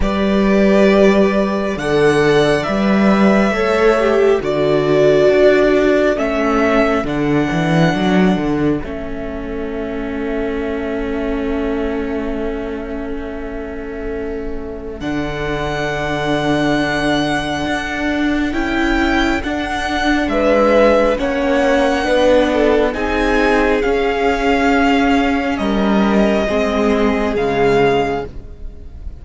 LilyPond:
<<
  \new Staff \with { instrumentName = "violin" } { \time 4/4 \tempo 4 = 68 d''2 fis''4 e''4~ | e''4 d''2 e''4 | fis''2 e''2~ | e''1~ |
e''4 fis''2.~ | fis''4 g''4 fis''4 e''4 | fis''2 gis''4 f''4~ | f''4 dis''2 f''4 | }
  \new Staff \with { instrumentName = "violin" } { \time 4/4 b'2 d''2 | cis''4 a'2.~ | a'1~ | a'1~ |
a'1~ | a'2. b'4 | cis''4 b'8 a'8 gis'2~ | gis'4 ais'4 gis'2 | }
  \new Staff \with { instrumentName = "viola" } { \time 4/4 g'2 a'4 b'4 | a'8 g'8 fis'2 cis'4 | d'2 cis'2~ | cis'1~ |
cis'4 d'2.~ | d'4 e'4 d'2 | cis'4 d'4 dis'4 cis'4~ | cis'2 c'4 gis4 | }
  \new Staff \with { instrumentName = "cello" } { \time 4/4 g2 d4 g4 | a4 d4 d'4 a4 | d8 e8 fis8 d8 a2~ | a1~ |
a4 d2. | d'4 cis'4 d'4 gis4 | ais4 b4 c'4 cis'4~ | cis'4 g4 gis4 cis4 | }
>>